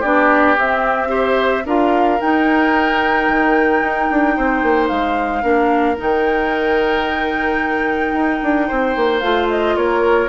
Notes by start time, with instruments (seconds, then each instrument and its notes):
0.00 bassoon B3, clarinet D4, oboe G4, flute D5
0.57 clarinet C4, bassoon C4, flute E5
1.08 clarinet G4, oboe C5
1.65 bassoon D4, clarinet F4, oboe A#4, flute F5
2.19 clarinet D#4, bassoon D#4, flute G5
3.28 bassoon D#3
3.81 bassoon D#4
4.10 bassoon D4
4.36 bassoon C4, oboe C5
4.63 bassoon A#3
4.88 bassoon G#3, flute F5
5.42 bassoon A#3, clarinet D4, oboe A#4
5.97 bassoon D#3, clarinet D#4, flute G5
8.12 bassoon D#4
8.43 bassoon D4
8.68 bassoon C4, oboe C5
8.96 bassoon A#3
9.20 bassoon A3, clarinet F4, flute F5
9.49 flute D#5
9.76 bassoon A#3, oboe A#4, flute C#5